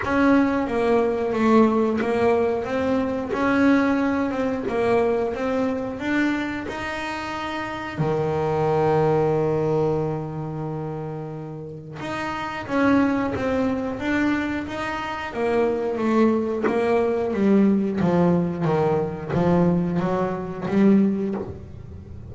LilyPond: \new Staff \with { instrumentName = "double bass" } { \time 4/4 \tempo 4 = 90 cis'4 ais4 a4 ais4 | c'4 cis'4. c'8 ais4 | c'4 d'4 dis'2 | dis1~ |
dis2 dis'4 cis'4 | c'4 d'4 dis'4 ais4 | a4 ais4 g4 f4 | dis4 f4 fis4 g4 | }